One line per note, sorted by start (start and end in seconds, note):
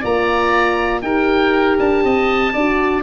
0.00 1.02 A#3
0.00 1.03 F4
0.00 1.00 D5
0.00 1.01 A#5
1.01 1.77 D#4
1.01 2.54 G4
1.01 2.04 A#4
1.01 1.76 G5
1.79 2.03 D4
1.79 3.03 A5
2.03 2.53 C4
2.03 2.53 D#5
2.53 3.03 D4
2.53 3.03 F#4
2.53 3.03 D5